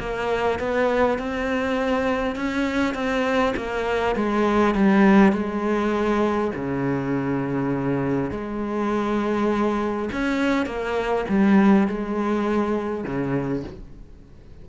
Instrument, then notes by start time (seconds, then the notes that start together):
cello
0.00 A#3
0.59 B3
1.18 C4
2.35 C#4
2.95 C4
3.57 A#3
4.16 G#3
4.75 G3
5.32 G#3
6.56 C#3
8.31 G#3
10.12 C#4
10.66 A#3
11.29 G3
11.88 G#3
13.04 C#3